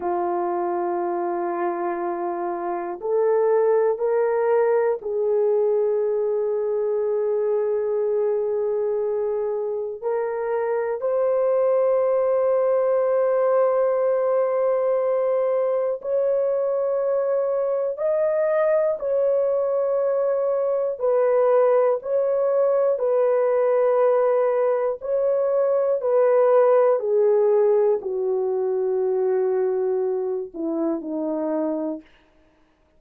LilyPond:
\new Staff \with { instrumentName = "horn" } { \time 4/4 \tempo 4 = 60 f'2. a'4 | ais'4 gis'2.~ | gis'2 ais'4 c''4~ | c''1 |
cis''2 dis''4 cis''4~ | cis''4 b'4 cis''4 b'4~ | b'4 cis''4 b'4 gis'4 | fis'2~ fis'8 e'8 dis'4 | }